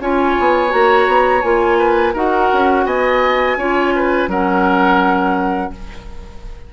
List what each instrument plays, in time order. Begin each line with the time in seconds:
0.00 bassoon C#4, clarinet F4, oboe C#5, flute G#5
0.39 bassoon B3
0.69 bassoon A#3, clarinet F#4, flute A#5
1.07 bassoon B3
1.42 bassoon A#3, clarinet F4, flute G#5
1.78 oboe B4
2.13 bassoon D#4, clarinet F#4, oboe A#4, flute F#5
2.52 bassoon C#4
2.85 bassoon B3, oboe D#5, flute G#5
3.57 bassoon C#4, clarinet F4, oboe C#5
3.96 oboe B4
4.28 bassoon F#3, clarinet C#4, oboe A#4, flute F#5